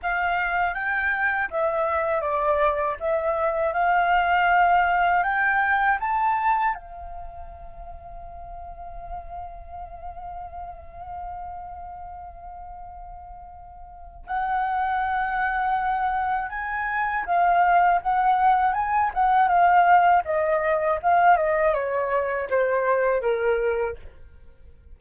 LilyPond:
\new Staff \with { instrumentName = "flute" } { \time 4/4 \tempo 4 = 80 f''4 g''4 e''4 d''4 | e''4 f''2 g''4 | a''4 f''2.~ | f''1~ |
f''2. fis''4~ | fis''2 gis''4 f''4 | fis''4 gis''8 fis''8 f''4 dis''4 | f''8 dis''8 cis''4 c''4 ais'4 | }